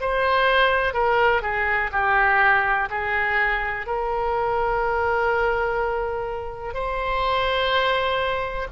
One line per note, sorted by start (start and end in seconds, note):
0.00 0.93 C5
0.93 1.42 A#4
1.42 1.90 G#4
1.92 2.89 G4
2.89 3.86 G#4
3.86 6.73 A#4
6.73 8.67 C5